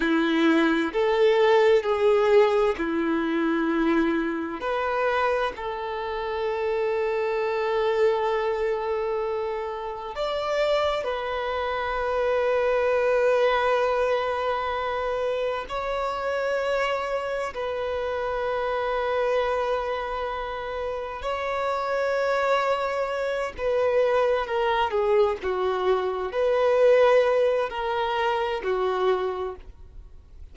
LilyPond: \new Staff \with { instrumentName = "violin" } { \time 4/4 \tempo 4 = 65 e'4 a'4 gis'4 e'4~ | e'4 b'4 a'2~ | a'2. d''4 | b'1~ |
b'4 cis''2 b'4~ | b'2. cis''4~ | cis''4. b'4 ais'8 gis'8 fis'8~ | fis'8 b'4. ais'4 fis'4 | }